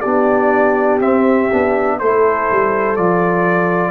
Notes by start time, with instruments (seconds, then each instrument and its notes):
0.00 tuba B3, trombone D4, horn G4, trumpet D5
1.00 tuba C4, trombone C4, trumpet E5
1.52 tuba B3, trombone D4
1.99 tuba A3, trombone E4, horn A4, trumpet C5
2.51 tuba G3
2.96 tuba F3, trombone F4, trumpet D5